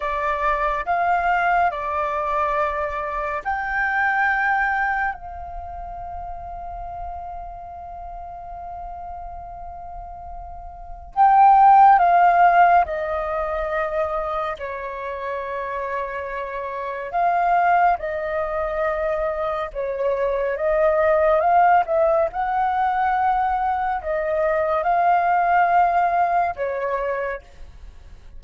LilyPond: \new Staff \with { instrumentName = "flute" } { \time 4/4 \tempo 4 = 70 d''4 f''4 d''2 | g''2 f''2~ | f''1~ | f''4 g''4 f''4 dis''4~ |
dis''4 cis''2. | f''4 dis''2 cis''4 | dis''4 f''8 e''8 fis''2 | dis''4 f''2 cis''4 | }